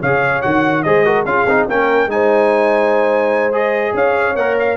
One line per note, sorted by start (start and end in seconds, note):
0.00 0.44 C#3
0.00 0.43 G#4
0.00 0.83 C#5
0.00 0.41 F5
0.41 0.84 D#3
0.41 0.84 F#4
0.41 0.82 F#5
0.82 1.24 G#3
0.82 1.05 G#4
0.82 1.05 C5
0.82 1.24 D#5
1.05 1.26 F#4
1.05 1.26 A#4
1.24 1.45 C#4
1.24 1.47 F4
1.24 1.68 G#4
1.24 1.67 F5
1.46 1.66 C4
1.46 1.69 D#4
1.68 2.06 A#3
1.68 2.09 C#4
1.68 2.10 A#4
1.68 2.10 G5
2.06 3.92 G#3
2.06 3.52 D#4
2.06 3.54 G#5
2.13 3.95 C5
3.52 4.35 G#4
3.52 3.95 D#5
3.94 4.35 C#4
3.94 4.77 C#5
3.94 4.36 F5
4.36 4.77 A#3
4.36 4.77 A#4
4.36 4.56 F#5
4.59 4.77 F5